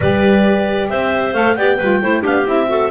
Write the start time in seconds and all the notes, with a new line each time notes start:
0.00 G3 G4 B4 D5
0.89 C4 C5 E5
1.33 A3 A4 F5
1.56 B3 G4 D5 G5
1.77 G3 F4 B4
2.01 A3 E4 C5
2.21 B3 D4 G4 F5
2.45 C4 E4 E5
2.68 F#4 A4